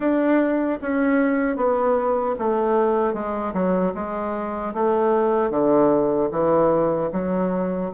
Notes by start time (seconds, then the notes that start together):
0.00 D4
0.81 C#4
1.56 B3
2.39 A3
3.13 G#3
3.53 F#3
3.94 G#3
4.74 A3
5.50 D3
6.31 E3
7.12 F#3